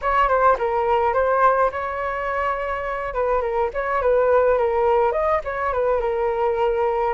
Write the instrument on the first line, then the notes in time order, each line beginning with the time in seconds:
flute
0.01 C#5
0.28 C5
0.58 A#4
1.13 C5
1.71 C#5
3.14 B4
3.41 A#4
3.73 C#5
4.01 B4
4.58 A#4
5.12 D#5
5.44 C#5
5.72 B4
6.00 A#4